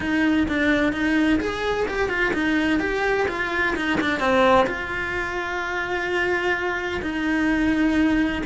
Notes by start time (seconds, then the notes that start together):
0.00 D#4
0.48 D4
0.92 D#4
1.40 G#4
1.88 G4
2.09 F4
2.33 D#4
2.79 G4
3.28 F4
3.76 D#4
4.00 D4
4.19 C4
4.66 F4
7.02 D#4